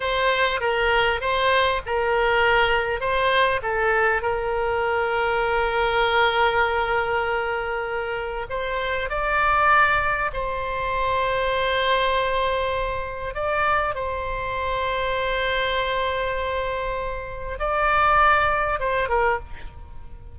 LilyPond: \new Staff \with { instrumentName = "oboe" } { \time 4/4 \tempo 4 = 99 c''4 ais'4 c''4 ais'4~ | ais'4 c''4 a'4 ais'4~ | ais'1~ | ais'2 c''4 d''4~ |
d''4 c''2.~ | c''2 d''4 c''4~ | c''1~ | c''4 d''2 c''8 ais'8 | }